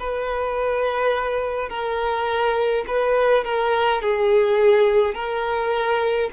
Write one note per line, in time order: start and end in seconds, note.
0.00 1.69 B4
1.69 2.85 A#4
2.87 3.45 B4
3.45 4.02 A#4
4.02 5.15 G#4
5.15 6.30 A#4